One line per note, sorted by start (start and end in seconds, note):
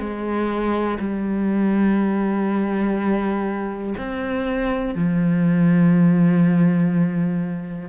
0.00 0.98 G#3
1.00 3.95 G3
3.98 4.95 C4
4.95 7.89 F3